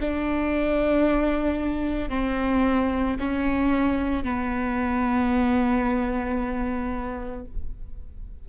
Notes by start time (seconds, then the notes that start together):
0.00 D4
2.09 C4
3.19 C#4
4.23 B3